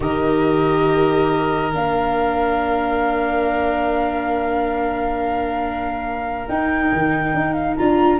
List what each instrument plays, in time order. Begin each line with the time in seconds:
0.00 tuba D#3, viola G4, violin A#4, flute D#5
1.72 tuba A#3, viola D4, flute F5
6.48 tuba D#4, viola D#4, flute G5
6.92 tuba D#3
7.34 tuba D#4
7.53 flute F5
7.76 tuba D4, viola F4, flute A#5